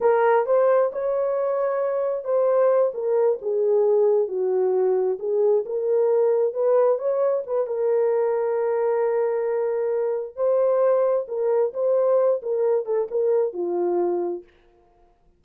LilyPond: \new Staff \with { instrumentName = "horn" } { \time 4/4 \tempo 4 = 133 ais'4 c''4 cis''2~ | cis''4 c''4. ais'4 gis'8~ | gis'4. fis'2 gis'8~ | gis'8 ais'2 b'4 cis''8~ |
cis''8 b'8 ais'2.~ | ais'2. c''4~ | c''4 ais'4 c''4. ais'8~ | ais'8 a'8 ais'4 f'2 | }